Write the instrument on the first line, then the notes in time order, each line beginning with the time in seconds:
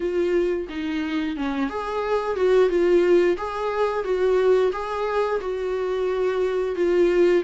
viola
0.00 F4
0.69 D#4
1.36 C#4
1.69 G#4
2.36 F#4
2.69 F4
3.37 G#4
4.04 F#4
4.72 G#4
5.41 F#4
6.75 F4